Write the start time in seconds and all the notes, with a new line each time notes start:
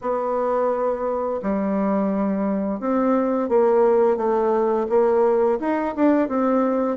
0.01 B3
1.42 G3
2.80 C4
3.49 A#3
4.17 A3
4.89 A#3
5.59 D#4
5.95 D4
6.28 C4